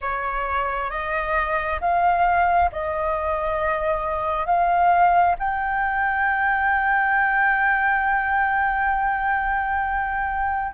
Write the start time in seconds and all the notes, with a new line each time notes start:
0.01 C#5
0.90 D#5
1.81 F5
2.72 D#5
4.46 F5
5.38 G5